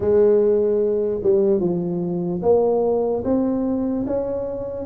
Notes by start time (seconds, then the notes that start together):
0.00 G#3
1.23 G3
1.60 F3
2.42 A#3
3.24 C4
4.06 C#4